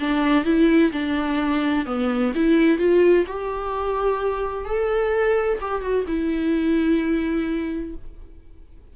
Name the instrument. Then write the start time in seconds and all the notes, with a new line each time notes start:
viola
0.00 D4
0.45 E4
0.92 D4
1.86 B3
2.35 E4
2.78 F4
3.27 G4
4.65 A4
5.61 G4
5.82 F#4
6.07 E4